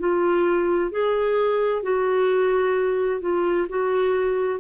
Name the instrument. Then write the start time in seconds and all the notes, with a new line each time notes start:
clarinet
0.00 F4
0.91 G#4
1.83 F#4
3.21 F4
3.69 F#4